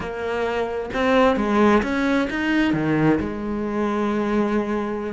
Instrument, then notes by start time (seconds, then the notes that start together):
cello
0.00 A#3
0.93 C4
1.36 G#3
1.82 C#4
2.30 D#4
2.73 D#3
3.19 G#3